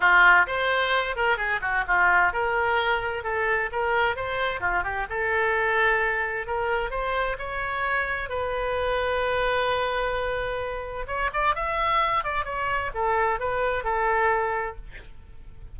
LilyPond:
\new Staff \with { instrumentName = "oboe" } { \time 4/4 \tempo 4 = 130 f'4 c''4. ais'8 gis'8 fis'8 | f'4 ais'2 a'4 | ais'4 c''4 f'8 g'8 a'4~ | a'2 ais'4 c''4 |
cis''2 b'2~ | b'1 | cis''8 d''8 e''4. d''8 cis''4 | a'4 b'4 a'2 | }